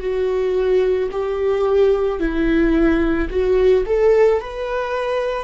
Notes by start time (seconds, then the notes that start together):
0.00 F#4
1.12 G4
2.19 E4
3.30 F#4
3.86 A4
4.40 B4